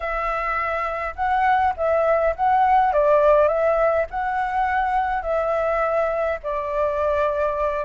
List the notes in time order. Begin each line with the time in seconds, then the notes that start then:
0.00 E5
1.15 F#5
1.76 E5
2.35 F#5
2.92 D5
3.47 E5
4.10 F#5
5.22 E5
6.43 D5